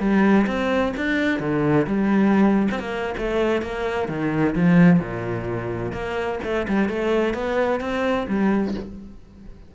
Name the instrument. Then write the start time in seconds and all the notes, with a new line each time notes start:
cello
0.00 G3
0.47 C4
0.97 D4
1.40 D3
1.87 G3
2.71 C4
2.80 A#3
3.18 A3
3.62 A#3
4.09 D#3
4.55 F3
5.00 A#2
5.93 A#3
6.44 A3
6.68 G3
6.89 A3
7.34 B3
7.81 C4
8.28 G3